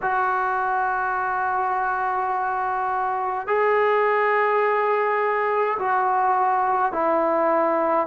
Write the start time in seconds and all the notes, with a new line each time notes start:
0.02 F#4
3.47 G#4
5.78 F#4
6.92 E4